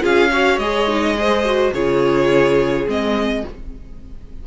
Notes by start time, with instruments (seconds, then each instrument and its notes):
0.00 cello C#4, viola F4, violin G#4 F5
0.31 viola F#4, violin C#5
0.58 cello G#3, viola G#4, violin D#5
0.88 viola D#4
1.17 viola G#4, violin C5
1.45 viola F#4
1.73 cello C#3, viola F4, violin G#4 C#5
2.87 cello G#3, viola C4, violin D#5